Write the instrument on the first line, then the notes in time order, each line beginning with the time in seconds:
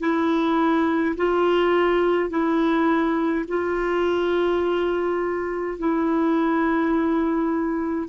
clarinet
0.00 E4
1.17 F4
2.30 E4
3.48 F4
5.79 E4